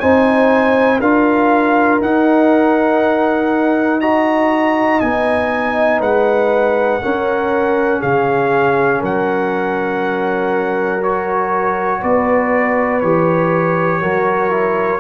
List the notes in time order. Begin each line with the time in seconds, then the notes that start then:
0.00 C4 D#4 C5 G#5
1.00 D4 F4 A#4 F5
2.01 D#4 F#5
4.01 F#4 D#5 A#5
5.00 B3 D#4 G#5
6.00 G#3 B4 F#5
7.01 C#4 A#4
8.00 C#3 G#4 F5
9.00 F#3 A#4 F#5
11.02 F#4 C#5
12.02 B3 B4 D5
13.01 E3 G4 C#5
14.02 F#3 F#4 A#4
14.50 E4